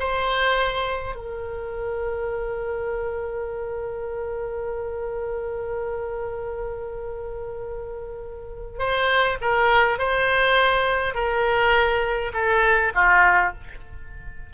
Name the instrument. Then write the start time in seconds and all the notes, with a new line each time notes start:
oboe
0.00 C5
1.16 A#4
8.79 C5
9.42 A#4
9.99 C5
11.15 A#4
12.34 A4
12.95 F4